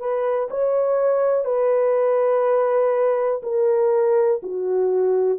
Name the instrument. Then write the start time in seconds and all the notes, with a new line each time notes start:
horn
0.00 B4
0.51 C#5
1.45 B4
3.43 A#4
4.43 F#4